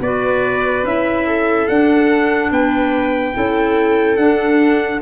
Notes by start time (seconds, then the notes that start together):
0.00 B3 F#4 B4 D5
0.83 C#4 E4 E5
1.27 A4
1.68 D4 F#5
2.51 B3 B4 G5
3.34 C#4 E4 A4
4.17 D4 F#5